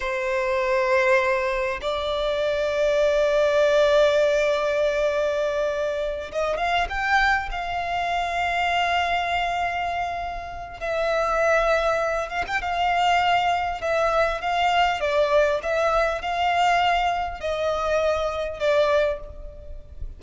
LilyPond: \new Staff \with { instrumentName = "violin" } { \time 4/4 \tempo 4 = 100 c''2. d''4~ | d''1~ | d''2~ d''8 dis''8 f''8 g''8~ | g''8 f''2.~ f''8~ |
f''2 e''2~ | e''8 f''16 g''16 f''2 e''4 | f''4 d''4 e''4 f''4~ | f''4 dis''2 d''4 | }